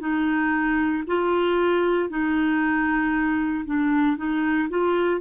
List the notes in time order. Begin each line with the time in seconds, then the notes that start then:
0.00 D#4
1.07 F4
2.09 D#4
3.66 D4
4.17 D#4
4.69 F4